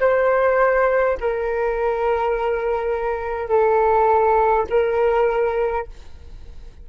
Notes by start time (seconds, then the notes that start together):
0.00 C5
1.20 A#4
3.49 A4
4.70 A#4